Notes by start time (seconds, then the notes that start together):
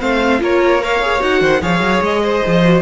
0.00 A3 C4 C5 F5
0.39 A#3 F4 A#4 C#5
0.80 A#4 C#5 F5
1.02 G#4
1.19 D#4 F#4 F#5
1.41 D#3 C5
1.62 F3 G#4 C#5 F5
1.80 F#3
2.01 G#3 D#5
2.23 C5
2.47 F3
2.63 F#4